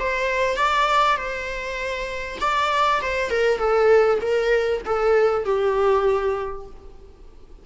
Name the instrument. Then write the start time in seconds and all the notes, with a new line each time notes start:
viola
0.00 C5
0.57 D5
1.17 C5
2.41 D5
3.02 C5
3.31 A#4
3.59 A4
4.21 A#4
4.85 A4
5.45 G4